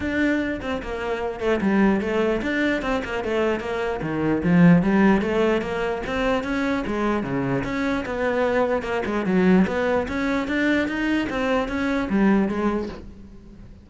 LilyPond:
\new Staff \with { instrumentName = "cello" } { \time 4/4 \tempo 4 = 149 d'4. c'8 ais4. a8 | g4 a4 d'4 c'8 ais8 | a4 ais4 dis4 f4 | g4 a4 ais4 c'4 |
cis'4 gis4 cis4 cis'4 | b2 ais8 gis8 fis4 | b4 cis'4 d'4 dis'4 | c'4 cis'4 g4 gis4 | }